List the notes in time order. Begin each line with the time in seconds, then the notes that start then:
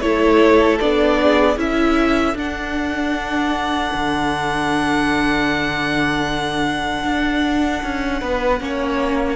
0.00 A3 E4 A4 C#5
0.80 B3 D4 D5
1.22 G#4
1.56 C#4 E4 A4 E5
2.34 D4 F#5
3.93 D3
7.04 D4
7.82 C#4
8.20 B3 B4
8.59 A#3 C#4 C#5